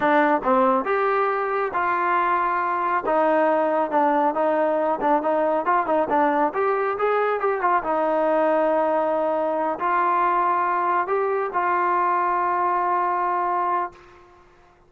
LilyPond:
\new Staff \with { instrumentName = "trombone" } { \time 4/4 \tempo 4 = 138 d'4 c'4 g'2 | f'2. dis'4~ | dis'4 d'4 dis'4. d'8 | dis'4 f'8 dis'8 d'4 g'4 |
gis'4 g'8 f'8 dis'2~ | dis'2~ dis'8 f'4.~ | f'4. g'4 f'4.~ | f'1 | }